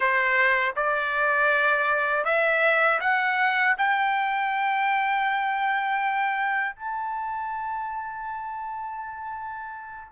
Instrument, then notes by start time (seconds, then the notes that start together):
trumpet
0.00 C5
0.76 D5
2.24 E5
3.00 F#5
3.77 G5
6.75 A5